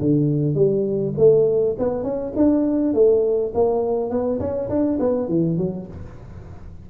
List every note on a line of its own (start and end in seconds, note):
0.00 0.55 D3
0.55 1.14 G3
1.17 1.76 A3
1.79 2.03 B3
2.03 2.33 C#4
2.36 2.94 D4
2.94 3.52 A3
3.54 4.10 A#3
4.10 4.39 B3
4.40 4.69 C#4
4.69 4.99 D4
4.99 5.28 B3
5.28 5.57 E3
5.57 5.87 F#3